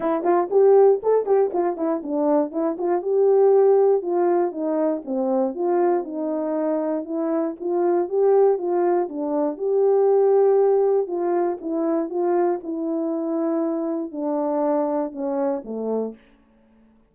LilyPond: \new Staff \with { instrumentName = "horn" } { \time 4/4 \tempo 4 = 119 e'8 f'8 g'4 a'8 g'8 f'8 e'8 | d'4 e'8 f'8 g'2 | f'4 dis'4 c'4 f'4 | dis'2 e'4 f'4 |
g'4 f'4 d'4 g'4~ | g'2 f'4 e'4 | f'4 e'2. | d'2 cis'4 a4 | }